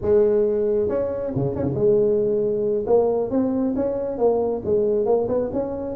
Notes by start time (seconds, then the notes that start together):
0.01 G#3
0.88 C#4
1.35 C#3
1.55 C#4
1.62 C#3
1.74 G#3
2.86 A#3
3.30 C4
3.75 C#4
4.18 A#3
4.64 G#3
5.05 A#3
5.28 B3
5.53 C#4